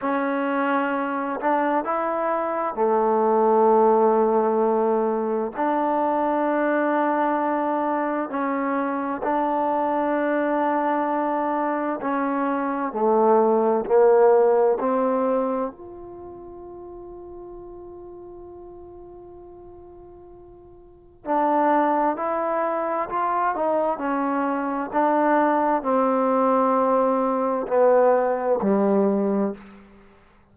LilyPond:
\new Staff \with { instrumentName = "trombone" } { \time 4/4 \tempo 4 = 65 cis'4. d'8 e'4 a4~ | a2 d'2~ | d'4 cis'4 d'2~ | d'4 cis'4 a4 ais4 |
c'4 f'2.~ | f'2. d'4 | e'4 f'8 dis'8 cis'4 d'4 | c'2 b4 g4 | }